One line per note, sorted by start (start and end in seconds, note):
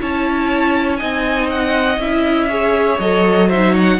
0.00 1.01 C#4
0.00 0.97 E4
0.00 1.00 C#5
0.00 0.97 A5
0.97 1.98 C4
0.97 1.97 D#4
0.97 2.49 D#5
0.97 1.47 G#5
1.50 2.00 F#5
1.98 2.98 C#4
1.98 2.49 E4
1.98 3.00 E5
2.49 2.99 G#4
2.49 3.48 C#5
2.99 3.99 F#3
2.99 3.51 A4
2.99 3.50 D#5
3.48 4.00 D#4
3.48 3.71 C5
3.48 3.75 E5
3.71 3.96 C#5
3.78 4.00 F#5